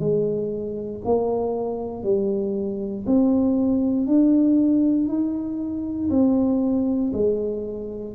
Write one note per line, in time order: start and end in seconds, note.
0.00 1.02 G#3
1.05 2.04 A#3
2.04 3.06 G3
3.07 4.07 C4
4.07 5.08 D4
5.08 6.10 D#4
6.11 7.12 C4
7.13 8.15 G#3